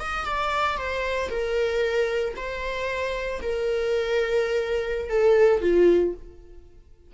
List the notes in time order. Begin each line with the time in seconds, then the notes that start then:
0.00 D#5
0.25 D5
0.77 C5
1.30 A#4
2.36 C5
3.42 A#4
5.10 A4
5.62 F4